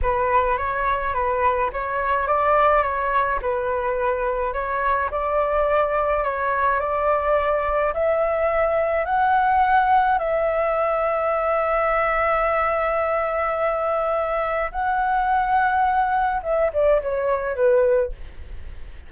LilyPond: \new Staff \with { instrumentName = "flute" } { \time 4/4 \tempo 4 = 106 b'4 cis''4 b'4 cis''4 | d''4 cis''4 b'2 | cis''4 d''2 cis''4 | d''2 e''2 |
fis''2 e''2~ | e''1~ | e''2 fis''2~ | fis''4 e''8 d''8 cis''4 b'4 | }